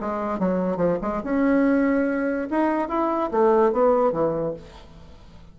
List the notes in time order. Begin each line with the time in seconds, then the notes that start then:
0.00 G#3
0.39 F#3
0.77 F3
1.01 G#3
1.23 C#4
2.50 D#4
2.88 E4
3.31 A3
3.72 B3
4.12 E3